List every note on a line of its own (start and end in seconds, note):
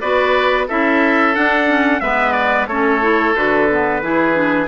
0.00 0.69 B3
0.00 0.68 F#4
0.00 0.67 B4
0.00 0.67 D5
0.67 1.36 C#4
0.67 1.35 E4
0.67 2.01 A4
0.67 1.35 E5
1.35 1.67 D4
1.35 2.00 D4
1.35 2.00 F#5
1.67 2.01 C#4
2.00 2.67 G#3
2.00 2.68 B3
2.00 2.68 B4
2.00 2.32 E5
2.32 2.65 D5
2.67 3.33 A3
2.67 3.01 C#4
2.67 4.01 A4
2.67 3.34 C#5
3.01 3.34 E4
3.35 4.02 D3
3.35 3.68 F#4
3.35 4.68 B4
3.70 4.02 B3
4.02 4.68 E3
4.02 4.33 E4
4.02 4.68 G#4
4.33 4.67 D4